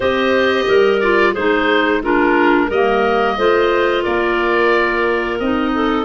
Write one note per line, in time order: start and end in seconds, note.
0.00 0.67 C4
0.00 0.97 G4
0.00 0.66 C5
0.00 1.00 D#5
0.67 1.35 G3
0.67 1.32 A#4
1.00 1.36 F4
1.00 1.34 D5
1.32 2.70 G#3
1.32 2.03 D#4
1.32 2.00 G#4
1.32 2.02 C5
2.02 2.70 D4
2.02 2.66 F4
2.02 2.71 A#4
2.66 3.37 G3
2.66 3.34 A#4
2.66 4.03 D#5
2.73 3.38 A#3
3.37 4.04 A3
3.37 5.40 F4
3.37 4.03 C5
4.03 5.40 A#3
4.03 5.71 A#4
4.03 5.38 D5
5.39 6.04 C4
5.39 6.04 D#4
5.39 6.04 D#5
5.74 6.04 A4